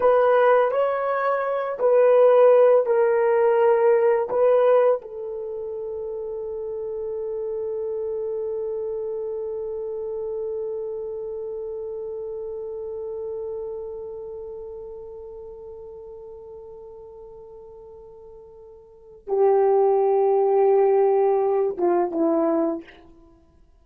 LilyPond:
\new Staff \with { instrumentName = "horn" } { \time 4/4 \tempo 4 = 84 b'4 cis''4. b'4. | ais'2 b'4 a'4~ | a'1~ | a'1~ |
a'1~ | a'1~ | a'2. g'4~ | g'2~ g'8 f'8 e'4 | }